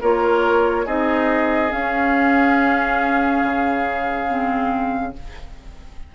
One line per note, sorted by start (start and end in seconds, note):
0.00 0.86 A#3
0.00 0.86 F4
0.00 0.85 A#4
0.00 0.87 C#5
0.85 1.72 C4
0.85 1.69 D#4
0.85 5.14 G#4
0.85 1.72 D#5
1.69 4.27 C#4
1.69 3.43 C#4
1.69 5.14 F5
3.43 5.14 C#3
4.27 5.13 C4